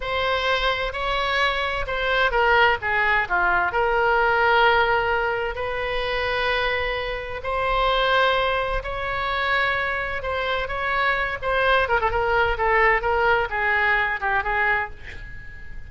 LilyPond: \new Staff \with { instrumentName = "oboe" } { \time 4/4 \tempo 4 = 129 c''2 cis''2 | c''4 ais'4 gis'4 f'4 | ais'1 | b'1 |
c''2. cis''4~ | cis''2 c''4 cis''4~ | cis''8 c''4 ais'16 a'16 ais'4 a'4 | ais'4 gis'4. g'8 gis'4 | }